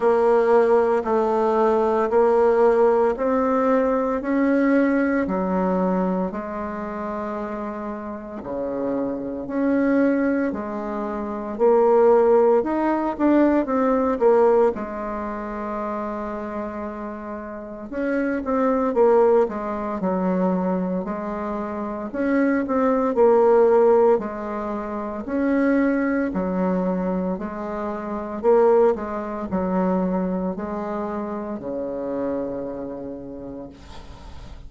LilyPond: \new Staff \with { instrumentName = "bassoon" } { \time 4/4 \tempo 4 = 57 ais4 a4 ais4 c'4 | cis'4 fis4 gis2 | cis4 cis'4 gis4 ais4 | dis'8 d'8 c'8 ais8 gis2~ |
gis4 cis'8 c'8 ais8 gis8 fis4 | gis4 cis'8 c'8 ais4 gis4 | cis'4 fis4 gis4 ais8 gis8 | fis4 gis4 cis2 | }